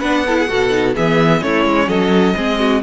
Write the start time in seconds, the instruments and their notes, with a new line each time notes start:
0.00 cello B3, viola D4, violin B4 F#5
0.27 viola E4, violin A4
0.39 violin G#4
0.48 cello B2, viola F#4, violin A4
0.70 viola D#4
0.95 cello E3, viola B3, violin G#4 E5
1.42 cello A3, viola C#4, violin E4 C#5
1.66 cello G#3
1.87 cello F#3, violin A4 D#5
2.36 cello G#3, viola C4, violin G#4
2.59 violin F#4